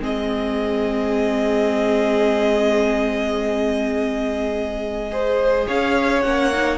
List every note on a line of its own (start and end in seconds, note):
0.00 5.66 G#3
0.00 5.10 C4
0.00 5.11 G#4
0.00 5.68 D#5
5.11 6.24 G#4
5.11 5.68 C5
5.68 6.25 C#4
5.68 6.78 C#5
5.68 6.22 F5
6.22 6.78 A#3
6.22 6.52 C#4
6.22 6.78 F#5
6.54 6.78 D#4